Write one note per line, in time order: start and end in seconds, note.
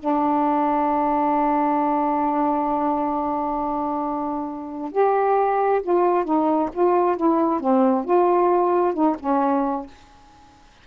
0.00 4.92 D4
4.92 5.82 G4
5.83 6.25 F4
6.25 6.70 D#4
6.73 7.17 F4
7.17 7.61 E4
7.61 8.05 C4
8.05 8.94 F4
8.94 9.17 D#4
9.20 9.87 C#4